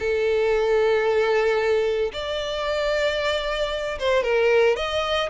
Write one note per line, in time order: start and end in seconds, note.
0.00 2.12 A4
2.13 3.99 D5
3.99 4.24 C5
4.24 4.77 A#4
4.77 5.30 D#5